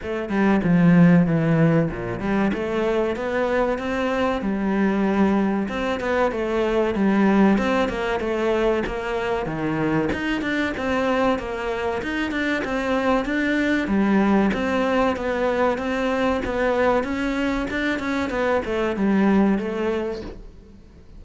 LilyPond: \new Staff \with { instrumentName = "cello" } { \time 4/4 \tempo 4 = 95 a8 g8 f4 e4 ais,8 g8 | a4 b4 c'4 g4~ | g4 c'8 b8 a4 g4 | c'8 ais8 a4 ais4 dis4 |
dis'8 d'8 c'4 ais4 dis'8 d'8 | c'4 d'4 g4 c'4 | b4 c'4 b4 cis'4 | d'8 cis'8 b8 a8 g4 a4 | }